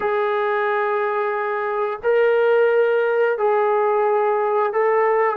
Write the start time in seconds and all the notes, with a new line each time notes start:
0.00 G#4
2.03 A#4
3.38 G#4
4.72 A4